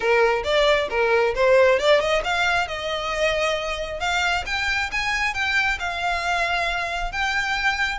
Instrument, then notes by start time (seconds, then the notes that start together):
violin
0.00 A#4
0.43 D5
0.90 A#4
1.34 C5
1.79 D5
2.00 D#5
2.24 F5
2.67 D#5
3.99 F5
4.46 G5
4.91 G#5
5.34 G5
5.79 F5
7.12 G5